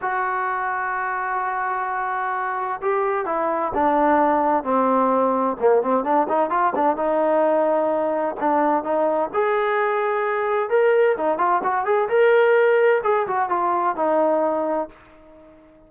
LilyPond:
\new Staff \with { instrumentName = "trombone" } { \time 4/4 \tempo 4 = 129 fis'1~ | fis'2 g'4 e'4 | d'2 c'2 | ais8 c'8 d'8 dis'8 f'8 d'8 dis'4~ |
dis'2 d'4 dis'4 | gis'2. ais'4 | dis'8 f'8 fis'8 gis'8 ais'2 | gis'8 fis'8 f'4 dis'2 | }